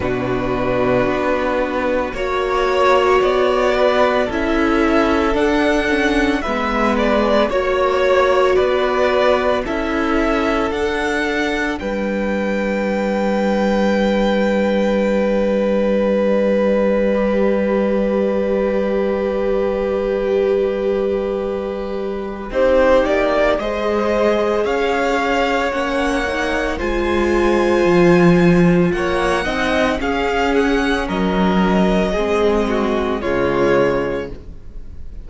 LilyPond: <<
  \new Staff \with { instrumentName = "violin" } { \time 4/4 \tempo 4 = 56 b'2 cis''4 d''4 | e''4 fis''4 e''8 d''8 cis''4 | d''4 e''4 fis''4 g''4~ | g''2. d''4~ |
d''1~ | d''4 c''8 d''8 dis''4 f''4 | fis''4 gis''2 fis''4 | f''8 fis''8 dis''2 cis''4 | }
  \new Staff \with { instrumentName = "violin" } { \time 4/4 fis'2 cis''4. b'8 | a'2 b'4 cis''4 | b'4 a'2 b'4~ | b'1~ |
b'1~ | b'4 g'4 c''4 cis''4~ | cis''4 c''2 cis''8 dis''8 | gis'4 ais'4 gis'8 fis'8 f'4 | }
  \new Staff \with { instrumentName = "viola" } { \time 4/4 d'2 fis'2 | e'4 d'8 cis'8 b4 fis'4~ | fis'4 e'4 d'2~ | d'1 |
g'1~ | g'4 dis'4 gis'2 | cis'8 dis'8 f'2~ f'8 dis'8 | cis'2 c'4 gis4 | }
  \new Staff \with { instrumentName = "cello" } { \time 4/4 b,4 b4 ais4 b4 | cis'4 d'4 gis4 ais4 | b4 cis'4 d'4 g4~ | g1~ |
g1~ | g4 c'8 ais8 gis4 cis'4 | ais4 gis4 f4 ais8 c'8 | cis'4 fis4 gis4 cis4 | }
>>